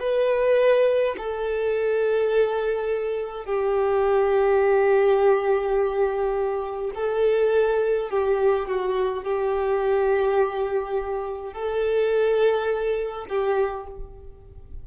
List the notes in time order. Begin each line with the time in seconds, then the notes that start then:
0.00 B4
1.17 A4
3.45 G4
6.94 A4
8.10 G4
8.68 F#4
9.23 G4
11.53 A4
13.29 G4